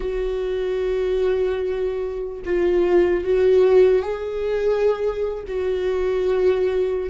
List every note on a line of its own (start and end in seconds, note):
0.00 2.42 F#4
2.45 3.24 F4
3.24 4.02 F#4
4.02 5.44 G#4
5.47 7.09 F#4